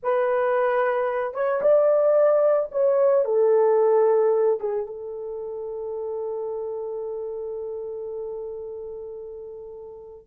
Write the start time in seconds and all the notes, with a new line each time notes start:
0.02 B4
1.34 C#5
1.61 D5
2.71 C#5
3.24 A4
4.60 G#4
4.86 A4